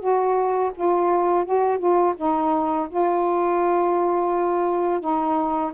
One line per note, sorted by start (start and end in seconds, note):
0.00 0.71 F#4
0.75 1.45 F4
1.45 1.79 F#4
1.79 2.15 F4
2.17 2.88 D#4
2.89 5.01 F4
5.01 5.72 D#4